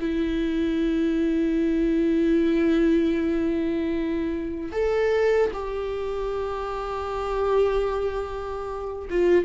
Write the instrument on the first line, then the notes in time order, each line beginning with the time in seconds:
viola
0.00 E4
4.72 A4
5.53 G4
9.10 F4